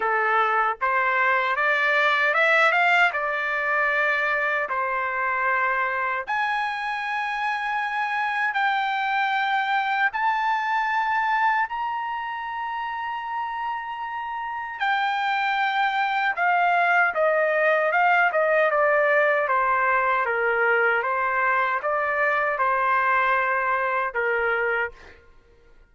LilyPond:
\new Staff \with { instrumentName = "trumpet" } { \time 4/4 \tempo 4 = 77 a'4 c''4 d''4 e''8 f''8 | d''2 c''2 | gis''2. g''4~ | g''4 a''2 ais''4~ |
ais''2. g''4~ | g''4 f''4 dis''4 f''8 dis''8 | d''4 c''4 ais'4 c''4 | d''4 c''2 ais'4 | }